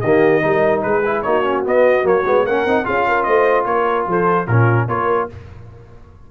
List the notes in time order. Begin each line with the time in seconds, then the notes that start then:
0.00 D#3 A#3 G4 D#5
0.42 G3 D#4 A#4
0.82 G#3 G#4 B4
1.06 E4
1.22 A#3 D#4 F#4 C#5
1.43 C#4
1.64 B3 D#5
2.03 F#3 A#3 C#5
2.25 G#3 B3
2.45 A#3 C#4 A#4 F#5
2.65 C4 D#4
2.84 C#4 F4 G#4 F5
3.08 A#4
3.23 A3 C5 D#5
3.65 A#3 A#4 C#5
4.07 F3 A4 C5
4.46 A#2 C#4 F4 A#4
4.87 A#3 F4 A#4 C#5